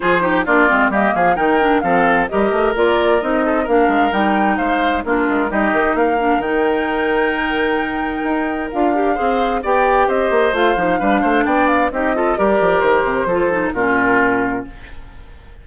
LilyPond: <<
  \new Staff \with { instrumentName = "flute" } { \time 4/4 \tempo 4 = 131 c''4 d''4 dis''8 f''8 g''4 | f''4 dis''4 d''4 dis''4 | f''4 g''4 f''4 ais'4 | dis''4 f''4 g''2~ |
g''2. f''4~ | f''4 g''4 dis''4 f''4~ | f''4 g''8 f''8 dis''4 d''4 | c''2 ais'2 | }
  \new Staff \with { instrumentName = "oboe" } { \time 4/4 gis'8 g'8 f'4 g'8 gis'8 ais'4 | a'4 ais'2~ ais'8 a'8 | ais'2 c''4 f'4 | g'4 ais'2.~ |
ais'1 | c''4 d''4 c''2 | b'8 c''8 d''4 g'8 a'8 ais'4~ | ais'4 a'4 f'2 | }
  \new Staff \with { instrumentName = "clarinet" } { \time 4/4 f'8 dis'8 d'8 c'8 ais4 dis'8 d'8 | c'4 g'4 f'4 dis'4 | d'4 dis'2 d'4 | dis'4. d'8 dis'2~ |
dis'2. f'8 g'8 | gis'4 g'2 f'8 dis'8 | d'2 dis'8 f'8 g'4~ | g'4 f'8 dis'8 cis'2 | }
  \new Staff \with { instrumentName = "bassoon" } { \time 4/4 f4 ais8 gis8 g8 f8 dis4 | f4 g8 a8 ais4 c'4 | ais8 gis8 g4 gis4 ais8 gis8 | g8 dis8 ais4 dis2~ |
dis2 dis'4 d'4 | c'4 b4 c'8 ais8 a8 f8 | g8 a8 b4 c'4 g8 f8 | dis8 c8 f4 ais,2 | }
>>